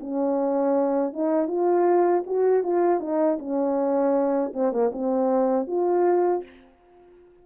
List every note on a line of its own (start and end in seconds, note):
0.00 1.13 C#4
1.13 1.48 D#4
1.48 2.24 F4
2.26 2.63 F#4
2.63 3.00 F4
3.00 3.38 D#4
3.39 4.53 C#4
4.54 4.72 C4
4.72 4.91 A#3
4.93 5.67 C4
5.67 6.43 F4